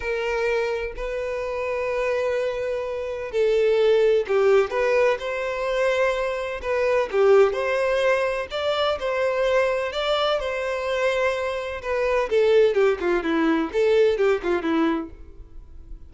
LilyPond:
\new Staff \with { instrumentName = "violin" } { \time 4/4 \tempo 4 = 127 ais'2 b'2~ | b'2. a'4~ | a'4 g'4 b'4 c''4~ | c''2 b'4 g'4 |
c''2 d''4 c''4~ | c''4 d''4 c''2~ | c''4 b'4 a'4 g'8 f'8 | e'4 a'4 g'8 f'8 e'4 | }